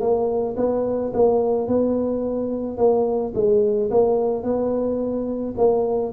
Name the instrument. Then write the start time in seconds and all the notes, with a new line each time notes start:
tuba
0.00 A#3
0.56 B3
1.13 A#3
1.67 B3
2.77 A#3
3.34 G#3
3.90 A#3
4.43 B3
5.57 A#3